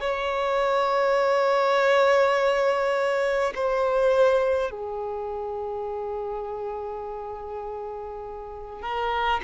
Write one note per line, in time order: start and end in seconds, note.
0.00 3.53 C#5
3.55 4.71 C5
4.71 8.82 G#4
8.82 9.41 A#4